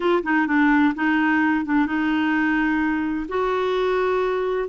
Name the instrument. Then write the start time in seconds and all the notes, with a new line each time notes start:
clarinet
0.00 F4
0.23 D#4
0.47 D4
0.94 D#4
1.65 D4
1.86 D#4
3.28 F#4